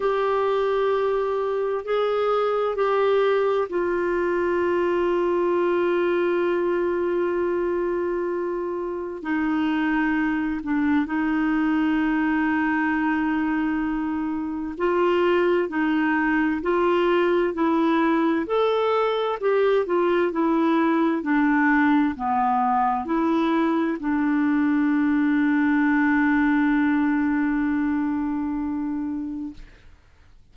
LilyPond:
\new Staff \with { instrumentName = "clarinet" } { \time 4/4 \tempo 4 = 65 g'2 gis'4 g'4 | f'1~ | f'2 dis'4. d'8 | dis'1 |
f'4 dis'4 f'4 e'4 | a'4 g'8 f'8 e'4 d'4 | b4 e'4 d'2~ | d'1 | }